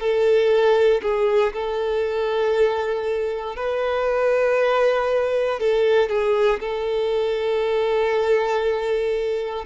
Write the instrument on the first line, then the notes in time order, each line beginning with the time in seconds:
violin
0.00 A4
1.03 G#4
1.53 A4
3.56 B4
5.60 A4
6.09 G#4
6.60 A4